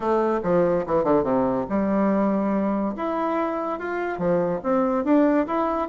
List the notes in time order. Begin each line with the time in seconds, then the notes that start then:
0.00 A3
0.43 F3
0.86 E3
1.04 D3
1.23 C3
1.69 G3
2.96 E4
3.79 F4
4.18 F3
4.63 C4
5.04 D4
5.46 E4